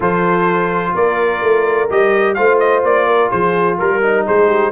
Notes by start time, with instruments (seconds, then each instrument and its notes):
0.00 tuba F3, trombone F4, horn A4, trumpet C5
0.95 tuba A#3, horn A#4, trumpet D5
1.42 tuba A3
1.90 tuba G3, trombone G4, trumpet D#5
2.34 tuba A3, trombone F4, horn C5, trumpet F5
2.59 trumpet D#5
2.83 tuba A#3, trumpet D5
3.06 horn A#4
3.30 tuba F3, horn G#4, trumpet C5
3.78 tuba G3, horn A#4, trumpet A#4
4.02 trombone D#4
4.26 tuba G#3, horn G#4, trumpet C5
4.47 horn G4